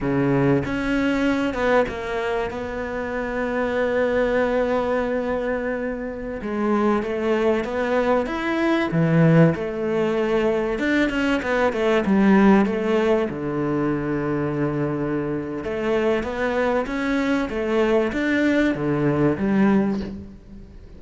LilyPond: \new Staff \with { instrumentName = "cello" } { \time 4/4 \tempo 4 = 96 cis4 cis'4. b8 ais4 | b1~ | b2~ b16 gis4 a8.~ | a16 b4 e'4 e4 a8.~ |
a4~ a16 d'8 cis'8 b8 a8 g8.~ | g16 a4 d2~ d8.~ | d4 a4 b4 cis'4 | a4 d'4 d4 g4 | }